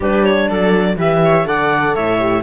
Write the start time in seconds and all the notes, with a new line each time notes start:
0.00 G3 D4 G4 B4
0.24 C#5
0.48 F#3 A4 D5
0.96 E3 G4 B4 E5
1.24 C#5
1.45 D3 A4 D5 F#5
1.95 A2 C#5 E5
2.19 G4